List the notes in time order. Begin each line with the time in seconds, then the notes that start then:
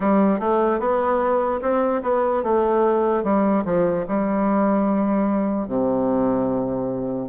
0.00 G3
0.39 A3
0.79 B3
1.61 C4
2.02 B3
2.43 A3
3.23 G3
3.64 F3
4.08 G3
5.68 C3